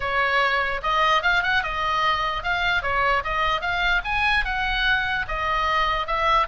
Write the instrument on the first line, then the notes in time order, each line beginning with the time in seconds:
oboe
0.00 C#5
0.82 D#5
1.22 F5
1.42 F#5
1.63 D#5
2.43 F5
2.82 C#5
3.24 D#5
3.61 F5
4.04 G#5
4.45 F#5
5.28 D#5
6.06 E5